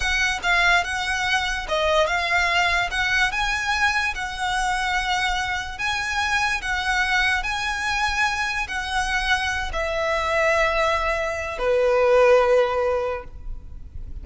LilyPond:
\new Staff \with { instrumentName = "violin" } { \time 4/4 \tempo 4 = 145 fis''4 f''4 fis''2 | dis''4 f''2 fis''4 | gis''2 fis''2~ | fis''2 gis''2 |
fis''2 gis''2~ | gis''4 fis''2~ fis''8 e''8~ | e''1 | b'1 | }